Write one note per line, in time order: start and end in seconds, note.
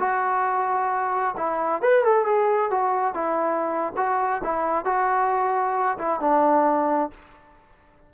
0.00 1.35 F#4
1.38 1.82 E4
1.82 2.05 B4
2.05 2.26 A4
2.26 2.71 G#4
2.71 3.15 F#4
3.15 3.94 E4
3.97 4.42 F#4
4.44 4.85 E4
4.85 5.98 F#4
5.99 6.21 E4
6.21 7.11 D4